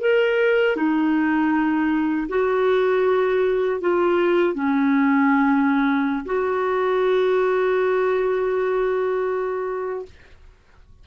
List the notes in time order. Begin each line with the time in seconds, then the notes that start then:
0.00 A#4
0.76 D#4
2.29 F#4
3.80 F4
4.54 C#4
6.26 F#4